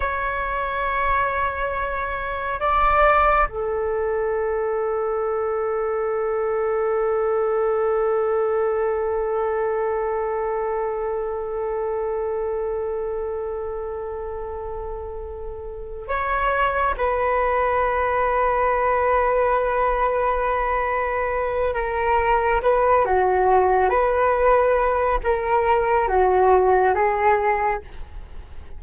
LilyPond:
\new Staff \with { instrumentName = "flute" } { \time 4/4 \tempo 4 = 69 cis''2. d''4 | a'1~ | a'1~ | a'1~ |
a'2~ a'8 cis''4 b'8~ | b'1~ | b'4 ais'4 b'8 fis'4 b'8~ | b'4 ais'4 fis'4 gis'4 | }